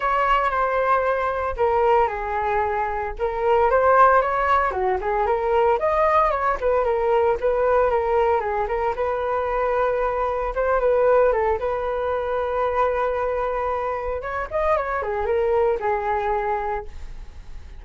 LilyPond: \new Staff \with { instrumentName = "flute" } { \time 4/4 \tempo 4 = 114 cis''4 c''2 ais'4 | gis'2 ais'4 c''4 | cis''4 fis'8 gis'8 ais'4 dis''4 | cis''8 b'8 ais'4 b'4 ais'4 |
gis'8 ais'8 b'2. | c''8 b'4 a'8 b'2~ | b'2. cis''8 dis''8 | cis''8 gis'8 ais'4 gis'2 | }